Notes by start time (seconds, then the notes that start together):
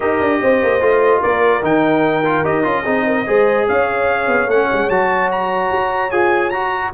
0.00 D#4 G4 A#4 D#5
0.20 D4
0.41 C4 C5
0.62 A#3
0.80 A3 F4
1.20 A#3 A#4 D5
1.62 D#3 D#4 G5
2.25 F4
2.44 D#4 G4 D#5
2.63 C#4 F4
2.83 C4 D#4 G#4
3.06 A#4
3.26 G#3 G#4 C5
3.68 C#4 C#5 F5
4.27 B3
4.46 A3 C#4 F#5
4.72 G#3
4.89 F#3 F#4 A5
5.31 A#5
5.71 F#4
6.10 F4 G#4 G#5
6.50 F#4 A#5